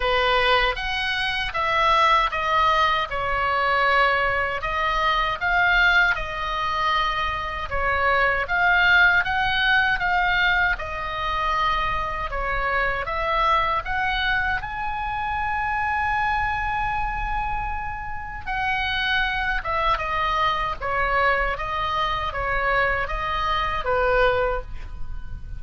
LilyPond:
\new Staff \with { instrumentName = "oboe" } { \time 4/4 \tempo 4 = 78 b'4 fis''4 e''4 dis''4 | cis''2 dis''4 f''4 | dis''2 cis''4 f''4 | fis''4 f''4 dis''2 |
cis''4 e''4 fis''4 gis''4~ | gis''1 | fis''4. e''8 dis''4 cis''4 | dis''4 cis''4 dis''4 b'4 | }